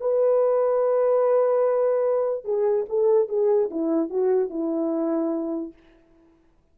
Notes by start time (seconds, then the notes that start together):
0.00 B4
2.45 G#4
2.89 A4
3.29 G#4
3.70 E4
4.10 F#4
4.50 E4